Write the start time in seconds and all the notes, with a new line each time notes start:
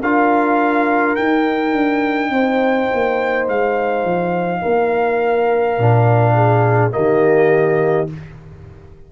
0.00 D4 F4 A#4 F5
1.16 D#4 G5
1.72 D4
2.30 C4 C5
2.94 A#3
3.48 G#3 F5
4.04 F3
4.62 A#3 A#4
5.78 A#2 D4
6.35 G#4
6.92 D#3 A#3 G4 D#5